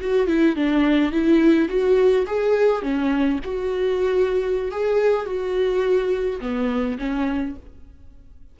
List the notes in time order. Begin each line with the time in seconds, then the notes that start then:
0.00 F#4
0.27 E4
0.56 D4
1.11 E4
1.68 F#4
2.26 G#4
2.82 C#4
3.44 F#4
4.71 G#4
5.25 F#4
6.40 B3
6.98 C#4